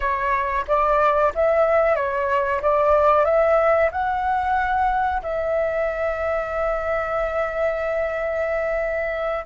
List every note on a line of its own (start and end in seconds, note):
0.00 0.65 C#5
0.67 1.33 D5
1.34 1.95 E5
1.95 2.61 C#5
2.61 3.24 D5
3.24 3.90 E5
3.91 5.22 F#5
5.22 9.45 E5